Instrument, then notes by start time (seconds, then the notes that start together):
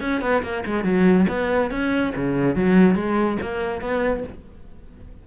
cello
0.00 C#4
0.21 B3
0.43 A#3
0.66 G#3
0.84 F#3
1.28 B3
1.70 C#4
2.15 C#3
2.56 F#3
2.95 G#3
3.42 A#3
3.81 B3